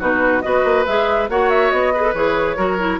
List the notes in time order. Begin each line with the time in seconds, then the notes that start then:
0.00 B2 D#4 F#4 B4
0.42 B3 F#4 B4 D#5
0.64 A#3
0.86 G#3 G#4 E5
1.29 A#3 F#4 C#5 F#5
1.50 E5
1.71 B3 D#5
1.94 G#4 B4
2.03 A4
2.14 E3 G#4 C#5
2.57 F#3 F#4 A#4
2.79 E4